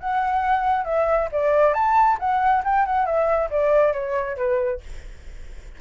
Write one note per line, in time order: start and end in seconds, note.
0.00 0.85 F#5
0.85 1.29 E5
1.32 1.74 D5
1.74 2.18 A5
2.20 2.63 F#5
2.64 2.86 G5
2.86 3.06 F#5
3.06 3.50 E5
3.50 3.93 D5
3.93 4.37 C#5
4.37 4.81 B4